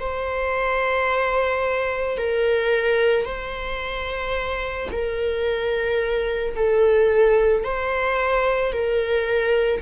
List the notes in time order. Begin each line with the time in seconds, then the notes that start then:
0.00 C5
2.18 A#4
3.25 C5
4.92 A#4
6.56 A4
7.64 C5
8.73 A#4